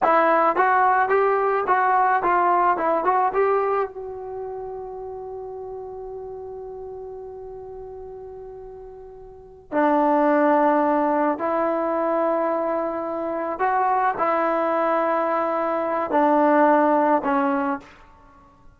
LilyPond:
\new Staff \with { instrumentName = "trombone" } { \time 4/4 \tempo 4 = 108 e'4 fis'4 g'4 fis'4 | f'4 e'8 fis'8 g'4 fis'4~ | fis'1~ | fis'1~ |
fis'4. d'2~ d'8~ | d'8 e'2.~ e'8~ | e'8 fis'4 e'2~ e'8~ | e'4 d'2 cis'4 | }